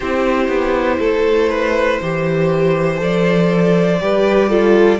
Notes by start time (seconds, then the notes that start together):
0.00 C4 E4 G4 C5
0.48 B3
0.99 A3 A4
1.49 B4
2.01 E3 G4 C5
2.97 F3 A4 D5
4.00 G3 G4 B4
4.49 F4 A4